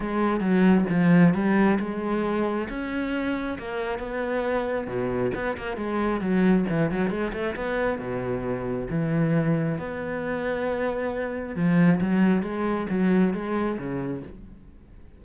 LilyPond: \new Staff \with { instrumentName = "cello" } { \time 4/4 \tempo 4 = 135 gis4 fis4 f4 g4 | gis2 cis'2 | ais4 b2 b,4 | b8 ais8 gis4 fis4 e8 fis8 |
gis8 a8 b4 b,2 | e2 b2~ | b2 f4 fis4 | gis4 fis4 gis4 cis4 | }